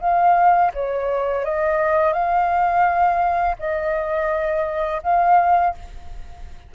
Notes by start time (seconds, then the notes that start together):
0.00 F5
0.73 C#5
1.44 D#5
2.13 F5
3.58 D#5
5.03 F5